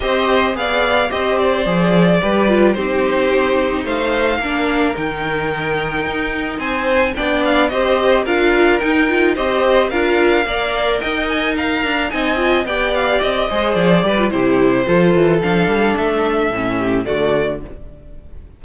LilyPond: <<
  \new Staff \with { instrumentName = "violin" } { \time 4/4 \tempo 4 = 109 dis''4 f''4 dis''8 d''4.~ | d''4 c''2 f''4~ | f''4 g''2. | gis''4 g''8 f''8 dis''4 f''4 |
g''4 dis''4 f''2 | g''8 gis''8 ais''4 gis''4 g''8 f''8 | dis''4 d''4 c''2 | f''4 e''2 d''4 | }
  \new Staff \with { instrumentName = "violin" } { \time 4/4 c''4 d''4 c''2 | b'4 g'2 c''4 | ais'1 | c''4 d''4 c''4 ais'4~ |
ais'4 c''4 ais'4 d''4 | dis''4 f''4 dis''4 d''4~ | d''8 c''4 b'8 g'4 a'4~ | a'2~ a'8 g'8 fis'4 | }
  \new Staff \with { instrumentName = "viola" } { \time 4/4 g'4 gis'4 g'4 gis'4 | g'8 f'8 dis'2. | d'4 dis'2.~ | dis'4 d'4 g'4 f'4 |
dis'8 f'8 g'4 f'4 ais'4~ | ais'2 dis'8 f'8 g'4~ | g'8 gis'4 g'16 f'16 e'4 f'4 | d'2 cis'4 a4 | }
  \new Staff \with { instrumentName = "cello" } { \time 4/4 c'4 b4 c'4 f4 | g4 c'2 a4 | ais4 dis2 dis'4 | c'4 b4 c'4 d'4 |
dis'4 c'4 d'4 ais4 | dis'4. d'8 c'4 b4 | c'8 gis8 f8 g8 c4 f8 e8 | f8 g8 a4 a,4 d4 | }
>>